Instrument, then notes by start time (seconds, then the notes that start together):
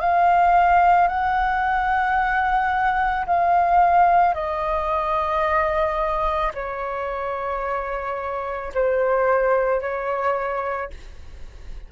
flute
0.00 F5
1.08 F#5
3.26 F5
4.34 D#5
6.54 C#5
8.74 C5
9.81 C#5